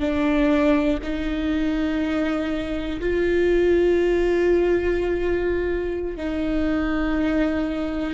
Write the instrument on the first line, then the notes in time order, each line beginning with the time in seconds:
viola
0.00 D4
1.03 D#4
3.00 F4
6.17 D#4